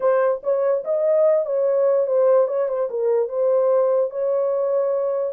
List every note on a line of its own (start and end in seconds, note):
0.00 0.41 C5
0.43 0.84 C#5
0.84 1.45 D#5
1.45 2.06 C#5
2.06 2.47 C5
2.47 2.68 C#5
2.68 2.89 C5
2.90 3.28 A#4
3.28 4.10 C5
4.10 5.33 C#5